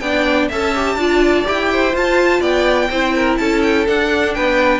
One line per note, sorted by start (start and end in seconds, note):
0.00 0.49 B3
0.00 0.51 D4
0.00 0.48 D5
0.00 0.48 G5
0.48 0.95 C#4
0.48 0.75 A4
0.48 0.96 E5
0.48 1.47 A5
0.75 0.98 G4
0.95 1.43 D4
0.95 1.45 F4
0.95 1.72 D5
1.45 1.94 E4
1.45 1.93 G4
1.45 1.95 G5
1.72 2.40 C5
1.93 2.89 F4
1.93 2.41 F4
1.93 2.42 A5
2.40 2.89 B3
2.40 2.88 D5
2.40 3.37 G5
2.90 3.38 C4
2.90 3.87 E4
2.90 3.14 C5
3.15 3.39 A#4
3.37 3.87 C#4
3.37 4.35 A4
3.37 3.61 A5
3.62 3.86 G5
3.87 4.79 D4
3.87 4.36 D4
3.87 4.34 F#5
4.34 4.79 B3
4.34 4.79 B4
4.34 4.79 G5